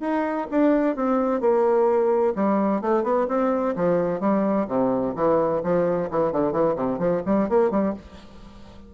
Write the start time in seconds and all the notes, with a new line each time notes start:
0.00 D#4
0.51 D4
0.96 C4
1.40 A#3
2.35 G3
2.81 A3
3.03 B3
3.28 C4
3.75 F3
4.20 G3
4.67 C3
5.15 E3
5.63 F3
6.10 E3
6.32 D3
6.52 E3
6.75 C3
6.98 F3
7.26 G3
7.49 A#3
7.70 G3